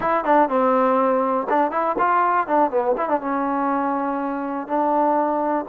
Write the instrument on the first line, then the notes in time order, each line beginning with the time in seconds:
trombone
0.00 E4
0.24 D4
0.49 C4
1.49 D4
1.71 E4
1.98 F4
2.47 D4
2.70 B3
2.97 E4
3.08 D4
3.20 C#4
4.67 D4